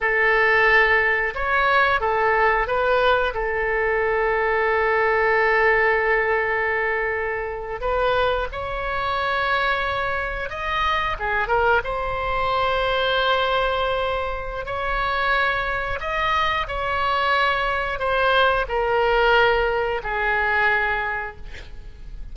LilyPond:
\new Staff \with { instrumentName = "oboe" } { \time 4/4 \tempo 4 = 90 a'2 cis''4 a'4 | b'4 a'2.~ | a'2.~ a'8. b'16~ | b'8. cis''2. dis''16~ |
dis''8. gis'8 ais'8 c''2~ c''16~ | c''2 cis''2 | dis''4 cis''2 c''4 | ais'2 gis'2 | }